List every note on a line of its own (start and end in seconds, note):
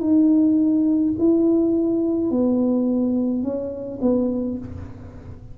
0.00 1.13 D#4
1.18 2.31 E4
2.31 3.43 B3
3.43 3.99 C#4
4.01 4.58 B3